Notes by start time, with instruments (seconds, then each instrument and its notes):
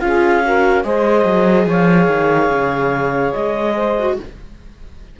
0.00 cello C#4, viola F4, saxophone G#4, clarinet F5
0.45 viola F#4, saxophone A#4
0.84 cello G#3, viola G#4, saxophone C5, clarinet D#5
1.25 cello F#3
1.66 cello F3, saxophone C#5, clarinet F5
2.07 cello D#3
2.49 cello C#3
3.33 cello G#3, clarinet D#5
3.75 saxophone C5
3.98 viola F#4